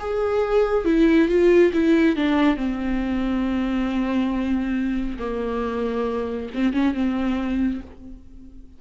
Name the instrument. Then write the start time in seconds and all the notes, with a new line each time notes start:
viola
0.00 G#4
0.85 E4
1.29 F4
1.74 E4
2.16 D4
2.57 C4
5.19 A#3
6.55 C4
6.74 C#4
6.94 C4